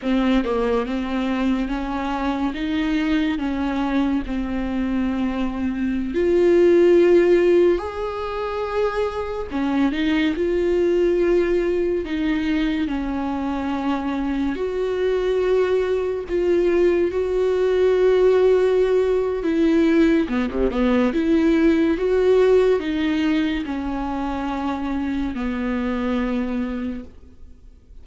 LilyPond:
\new Staff \with { instrumentName = "viola" } { \time 4/4 \tempo 4 = 71 c'8 ais8 c'4 cis'4 dis'4 | cis'4 c'2~ c'16 f'8.~ | f'4~ f'16 gis'2 cis'8 dis'16~ | dis'16 f'2 dis'4 cis'8.~ |
cis'4~ cis'16 fis'2 f'8.~ | f'16 fis'2~ fis'8. e'4 | b16 c16 b8 e'4 fis'4 dis'4 | cis'2 b2 | }